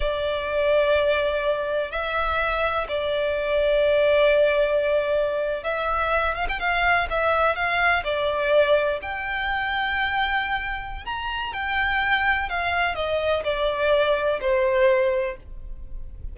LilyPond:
\new Staff \with { instrumentName = "violin" } { \time 4/4 \tempo 4 = 125 d''1 | e''2 d''2~ | d''2.~ d''8. e''16~ | e''4~ e''16 f''16 g''16 f''4 e''4 f''16~ |
f''8. d''2 g''4~ g''16~ | g''2. ais''4 | g''2 f''4 dis''4 | d''2 c''2 | }